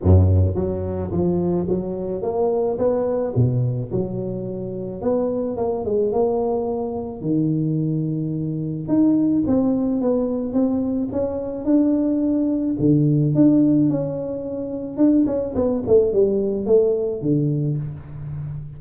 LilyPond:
\new Staff \with { instrumentName = "tuba" } { \time 4/4 \tempo 4 = 108 fis,4 fis4 f4 fis4 | ais4 b4 b,4 fis4~ | fis4 b4 ais8 gis8 ais4~ | ais4 dis2. |
dis'4 c'4 b4 c'4 | cis'4 d'2 d4 | d'4 cis'2 d'8 cis'8 | b8 a8 g4 a4 d4 | }